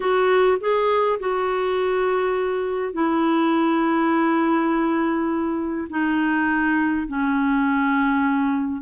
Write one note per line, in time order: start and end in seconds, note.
0.00 0.57 F#4
0.60 1.19 G#4
1.19 2.93 F#4
2.93 5.87 E4
5.89 7.07 D#4
7.07 8.81 C#4